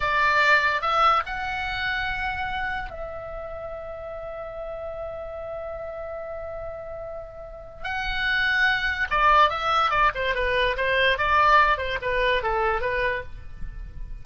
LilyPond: \new Staff \with { instrumentName = "oboe" } { \time 4/4 \tempo 4 = 145 d''2 e''4 fis''4~ | fis''2. e''4~ | e''1~ | e''1~ |
e''2. fis''4~ | fis''2 d''4 e''4 | d''8 c''8 b'4 c''4 d''4~ | d''8 c''8 b'4 a'4 b'4 | }